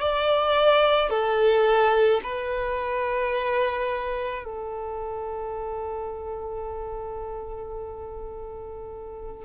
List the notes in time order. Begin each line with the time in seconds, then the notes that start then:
0.00 D5
1.09 A4
2.23 B4
4.44 A4